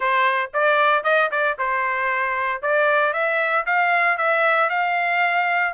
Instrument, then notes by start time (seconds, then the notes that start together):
trumpet
0.00 C5
0.53 D5
1.03 D#5
1.31 D5
1.58 C5
2.62 D5
3.13 E5
3.66 F5
4.17 E5
4.69 F5